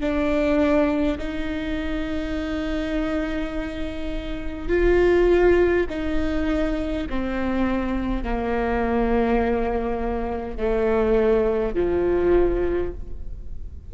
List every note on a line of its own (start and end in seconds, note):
0.00 1.18 D4
1.18 4.68 D#4
4.68 5.86 F4
5.89 7.07 D#4
7.09 8.24 C4
8.24 10.57 A#3
10.57 11.75 A3
11.75 12.93 F3